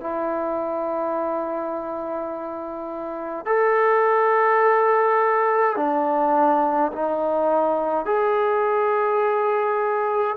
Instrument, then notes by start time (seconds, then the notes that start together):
trombone
0.00 E4
3.45 A4
5.76 D4
6.92 D#4
8.05 G#4